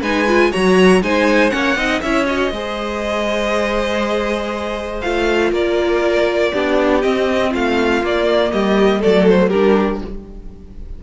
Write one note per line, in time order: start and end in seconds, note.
0.00 0.51 G#3
0.00 0.27 D#4
0.00 0.50 B4
0.00 0.52 G#5
0.27 0.52 F4
0.51 1.02 F#3
0.51 1.02 F#4
0.51 1.01 C#5
0.51 1.02 A#5
1.02 1.52 G#3
1.02 1.50 D#4
1.02 1.53 C5
1.02 1.50 G#5
1.50 1.75 A#3
1.50 1.75 C#4
1.50 1.77 C#5
1.50 2.00 F#5
1.75 2.00 C4
1.75 2.02 D#4
1.75 2.02 D#5
2.01 2.51 C#4
2.01 2.26 E4
2.01 2.52 C#5
2.01 2.26 E5
2.26 2.51 F#4
2.26 5.01 D#5
2.51 5.01 G#3
2.51 5.03 G#4
2.51 5.52 C5
5.01 5.51 A3
5.01 6.53 F4
5.01 5.51 F5
5.51 6.51 A#3
5.51 6.52 A#4
5.51 7.02 D5
6.52 7.04 B3
6.52 7.02 D4
6.52 7.50 G4
7.02 8.02 C4
7.02 7.54 C4
7.02 7.52 D#5
7.50 8.02 A3
7.50 8.50 F4
7.50 8.05 F5
8.02 8.52 A#3
8.02 9.01 A#3
8.02 8.52 D5
8.52 9.02 G3
8.52 9.00 G4
8.52 9.02 D#5
9.00 9.51 F#3
9.00 9.51 A3
9.00 9.48 A4
9.00 9.27 D5
9.29 9.49 C5
9.48 10.01 G3
9.48 10.03 D4
9.48 9.98 G4
9.48 9.99 A#4